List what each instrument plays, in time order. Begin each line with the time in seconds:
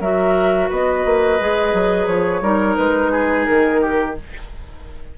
0.00 bassoon F#3, clarinet F#4, oboe A#4, flute E5
0.69 bassoon B3, oboe B4, flute D#5
1.05 bassoon A#3
1.40 bassoon G#3, clarinet G#4
1.73 bassoon F#3
2.07 bassoon F3, flute C#5
2.41 bassoon G3, clarinet D#4, oboe A#4
2.76 bassoon G#3, flute B4
3.12 oboe G#4
3.45 bassoon D#3, flute A#4
3.81 oboe G4